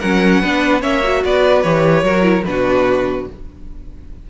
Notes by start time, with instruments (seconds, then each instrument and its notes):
0.00 cello F#3, viola C#4, violin A#4 F#5
0.41 cello B3, viola D4, violin B4
0.81 cello A#3, viola C#4, violin C#5 E5
1.03 viola F#4
1.24 cello B3, violin B4 D5
1.63 cello E3, viola G4, violin C#5
2.03 cello F#3, viola F#4, violin A#4
2.23 viola E4
2.45 cello B2, viola D4, violin F#4 B4